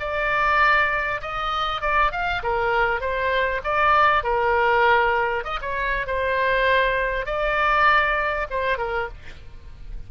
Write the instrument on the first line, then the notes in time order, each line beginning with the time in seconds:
oboe
0.00 D5
1.21 D#5
1.82 D5
2.12 F5
2.43 A#4
3.01 C5
3.64 D5
4.23 A#4
5.44 D#5
5.62 C#5
6.07 C5
7.26 D5
8.50 C5
8.78 A#4